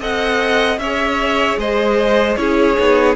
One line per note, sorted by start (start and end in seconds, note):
0.00 0.78 C4
0.00 0.79 A4
0.00 0.80 D#5
0.00 0.79 F#5
0.78 1.57 C#4
0.78 2.38 G#4
0.78 1.60 C#5
0.78 1.58 E5
1.58 2.37 G#3
1.58 2.39 C5
1.58 2.37 D#5
2.37 2.77 C#4
2.37 2.77 E4
2.37 3.16 G#4
2.37 3.15 C#5
2.77 3.16 B3
2.77 3.16 D#4